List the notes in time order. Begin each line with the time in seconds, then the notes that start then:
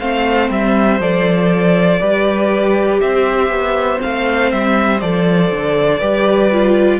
0.00 A3 C4 C5 F5
0.50 G3 E5
1.00 F3 A4 D5
2.01 G3 G4 B4
3.01 C4 C5 E5
3.50 B3
3.98 C4 F5
4.05 A3
4.52 G3 E5
5.01 F3 A4 D5
5.52 D3
6.00 G3 G4 B4
6.52 F4